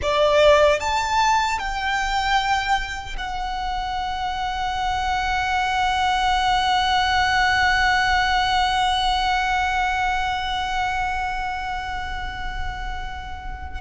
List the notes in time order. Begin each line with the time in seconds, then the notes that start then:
0.01 D5
0.79 A5
1.58 G5
3.17 F#5